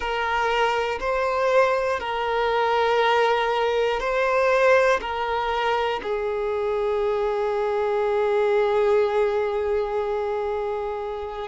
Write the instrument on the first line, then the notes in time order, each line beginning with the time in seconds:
violin
0.00 A#4
1.00 C5
2.00 A#4
4.00 C5
5.00 A#4
6.03 G#4